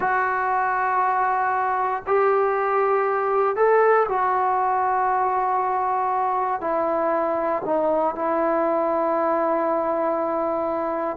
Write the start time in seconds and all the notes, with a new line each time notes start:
0.00 F#4
2.06 G4
3.56 A4
4.08 F#4
6.61 E4
7.65 D#4
8.14 E4